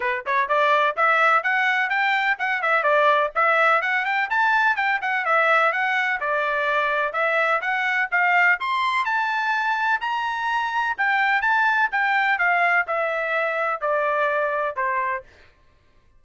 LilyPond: \new Staff \with { instrumentName = "trumpet" } { \time 4/4 \tempo 4 = 126 b'8 cis''8 d''4 e''4 fis''4 | g''4 fis''8 e''8 d''4 e''4 | fis''8 g''8 a''4 g''8 fis''8 e''4 | fis''4 d''2 e''4 |
fis''4 f''4 c'''4 a''4~ | a''4 ais''2 g''4 | a''4 g''4 f''4 e''4~ | e''4 d''2 c''4 | }